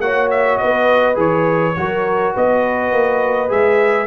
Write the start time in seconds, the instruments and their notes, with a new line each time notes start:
0.00 tuba A#3, trombone F#4, horn C#5, trumpet F#5
0.30 trumpet E5
0.58 tuba B3, horn B4, trumpet D#5
1.15 tuba E3, trombone G#4, trumpet C#5
1.76 tuba F#3, trombone F#4, horn A#4
2.35 tuba B3, horn B4, trumpet D#5
2.93 tuba A#3
3.48 tuba G#3, trombone G#4, trumpet E5